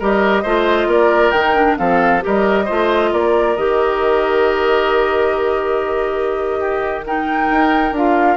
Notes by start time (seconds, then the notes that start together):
0.00 G3 G4 A#4 D#5
0.43 A3 F4 C5
0.87 A#3 A#4 D5
1.31 D#3 D#4 G5
1.56 D4
1.78 F3 C4 A4 F5
2.21 G3 G4 A#4 D#5
2.65 A3 F4 C5
3.12 A#3 A#4 D5
3.56 D#3 G4 D#5
6.60 G4
7.06 D#4 A#4 G5
7.51 D#4
7.92 D4 F4 F5